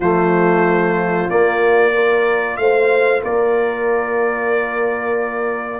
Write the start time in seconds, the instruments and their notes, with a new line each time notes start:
0.00 tuba F3, trombone A3, horn F4, trumpet C5
1.29 trombone A#3, tuba A#3, trumpet D5
1.92 trombone F4, horn A#4
2.57 tuba A3, horn C5, trumpet F5
3.23 tuba A#3, horn A#4, trumpet D5